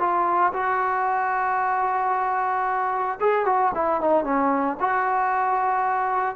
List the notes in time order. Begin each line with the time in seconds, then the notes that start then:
0.00 F4
0.54 F#4
3.21 G#4
3.46 F#4
3.75 E4
4.01 D#4
4.25 C#4
4.80 F#4